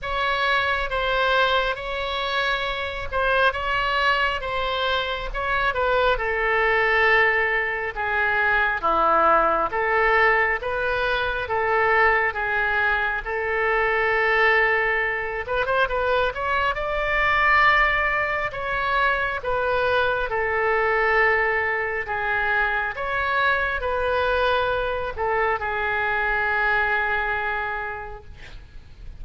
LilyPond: \new Staff \with { instrumentName = "oboe" } { \time 4/4 \tempo 4 = 68 cis''4 c''4 cis''4. c''8 | cis''4 c''4 cis''8 b'8 a'4~ | a'4 gis'4 e'4 a'4 | b'4 a'4 gis'4 a'4~ |
a'4. b'16 c''16 b'8 cis''8 d''4~ | d''4 cis''4 b'4 a'4~ | a'4 gis'4 cis''4 b'4~ | b'8 a'8 gis'2. | }